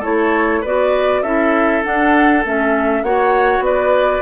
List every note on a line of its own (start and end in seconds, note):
0.00 0.64 A3
0.00 0.63 E4
0.00 0.60 A4
0.00 0.64 C#5
0.61 1.22 B3
0.61 1.25 F#4
0.61 1.22 B4
0.61 1.23 D5
1.22 1.82 C#4
1.22 1.84 E4
1.22 3.03 A4
1.22 1.83 E5
1.84 2.44 D4
1.84 2.45 D4
1.84 2.44 F#5
2.45 3.03 A3
2.45 3.05 C#4
2.45 3.04 E5
3.03 3.60 A#3
3.03 4.22 F#4
3.03 3.65 C#5
3.03 3.64 F#5
3.60 4.20 B3
3.60 4.22 B4
3.60 4.22 D5